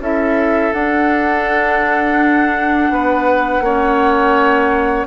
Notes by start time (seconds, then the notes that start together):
0.00 C#4 E4 A4 E5
0.73 D4 F#5
2.91 B3 B4
3.61 A#3 C#4 C#5